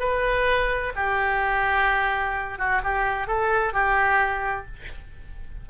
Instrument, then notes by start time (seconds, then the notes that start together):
oboe
0.00 B4
0.96 G4
2.59 F#4
2.84 G4
3.27 A4
3.74 G4